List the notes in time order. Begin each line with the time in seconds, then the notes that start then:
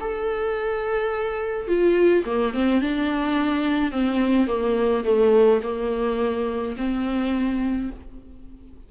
0.00 A4
1.67 F4
2.25 A#3
2.53 C4
2.81 D4
3.92 C4
4.47 A#3
5.04 A3
5.63 A#3
6.77 C4